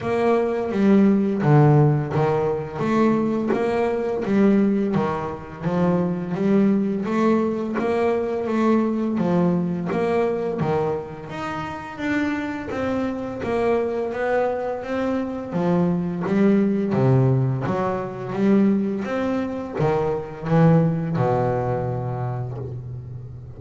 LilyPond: \new Staff \with { instrumentName = "double bass" } { \time 4/4 \tempo 4 = 85 ais4 g4 d4 dis4 | a4 ais4 g4 dis4 | f4 g4 a4 ais4 | a4 f4 ais4 dis4 |
dis'4 d'4 c'4 ais4 | b4 c'4 f4 g4 | c4 fis4 g4 c'4 | dis4 e4 b,2 | }